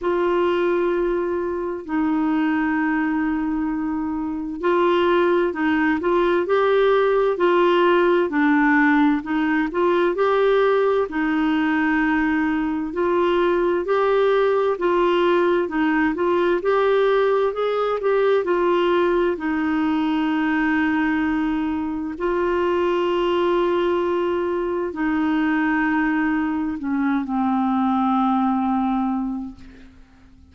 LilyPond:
\new Staff \with { instrumentName = "clarinet" } { \time 4/4 \tempo 4 = 65 f'2 dis'2~ | dis'4 f'4 dis'8 f'8 g'4 | f'4 d'4 dis'8 f'8 g'4 | dis'2 f'4 g'4 |
f'4 dis'8 f'8 g'4 gis'8 g'8 | f'4 dis'2. | f'2. dis'4~ | dis'4 cis'8 c'2~ c'8 | }